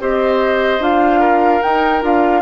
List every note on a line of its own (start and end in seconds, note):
0.00 0.80 C4
0.00 0.81 G4
0.00 1.20 C5
0.00 0.83 D#5
0.80 1.61 D4
0.80 1.62 F4
0.80 1.63 F5
1.20 2.42 A#4
1.63 2.02 D#4
1.63 2.03 D#4
1.63 2.03 G5
2.02 2.43 D4
2.02 2.42 F4
2.02 2.43 F5